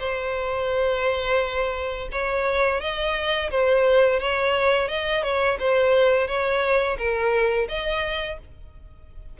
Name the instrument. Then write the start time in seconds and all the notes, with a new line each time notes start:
violin
0.00 C5
2.12 C#5
2.81 D#5
3.51 C5
4.21 C#5
4.89 D#5
5.24 C#5
5.60 C5
6.28 C#5
6.99 A#4
7.69 D#5